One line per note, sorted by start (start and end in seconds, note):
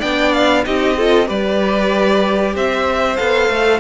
0.00 0.66 B3
0.00 0.65 D4
0.00 0.63 D5
0.00 0.33 G5
0.33 0.65 F5
0.65 1.30 C4
0.65 0.96 D#4
0.65 0.98 G4
0.65 1.29 D#5
0.98 1.27 F4
0.98 1.27 A4
1.27 2.56 G3
1.27 3.16 G4
1.27 2.54 B4
1.27 2.56 D5
2.56 3.19 C4
2.56 3.81 C5
2.56 3.17 E5
3.17 3.49 B3
3.17 3.80 A4
3.17 3.80 F5
3.49 3.81 A3